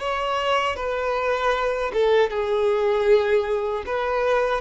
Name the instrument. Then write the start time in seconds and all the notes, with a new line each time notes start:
violin
0.00 C#5
0.76 B4
1.93 A4
2.30 G#4
3.86 B4